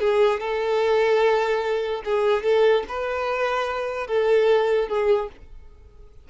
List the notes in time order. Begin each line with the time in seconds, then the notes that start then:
0.00 G#4
0.40 A4
2.05 G#4
2.43 A4
2.89 B4
4.08 A4
4.89 G#4